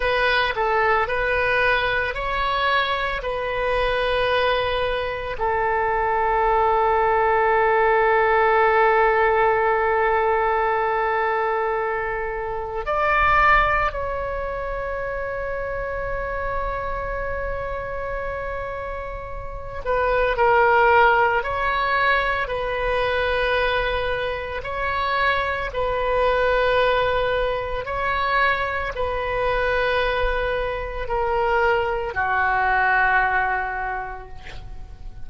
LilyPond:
\new Staff \with { instrumentName = "oboe" } { \time 4/4 \tempo 4 = 56 b'8 a'8 b'4 cis''4 b'4~ | b'4 a'2.~ | a'1 | d''4 cis''2.~ |
cis''2~ cis''8 b'8 ais'4 | cis''4 b'2 cis''4 | b'2 cis''4 b'4~ | b'4 ais'4 fis'2 | }